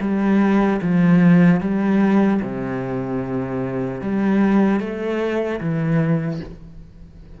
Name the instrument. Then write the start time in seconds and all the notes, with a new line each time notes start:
cello
0.00 G3
0.81 F3
1.60 G3
2.41 C3
4.01 G3
4.80 A3
5.60 E3